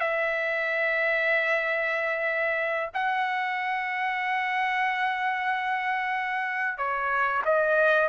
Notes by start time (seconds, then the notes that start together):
0.00 E5
2.94 F#5
6.78 C#5
7.45 D#5